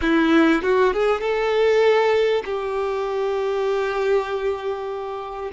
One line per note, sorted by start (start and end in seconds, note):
0.01 0.62 E4
0.62 0.93 F#4
0.93 1.21 G#4
1.21 2.43 A4
2.45 5.51 G4